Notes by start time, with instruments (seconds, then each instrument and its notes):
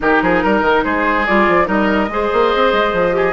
0.00 bassoon D#3, clarinet D#4, oboe G4, flute A#4
0.22 bassoon F3, oboe G#4
0.43 bassoon G3, oboe A#4
0.61 bassoon D#3
0.83 bassoon G#3, oboe G#4, flute C5
1.25 bassoon G3, clarinet F4, flute D5
1.48 bassoon F3
1.64 bassoon G3, clarinet D#4, oboe A#4, flute D#5
2.08 bassoon G#3, clarinet G#4, oboe C5
2.32 bassoon A#3
2.54 bassoon C4
2.72 bassoon G#3
2.92 bassoon F3
3.11 clarinet G4, oboe G#4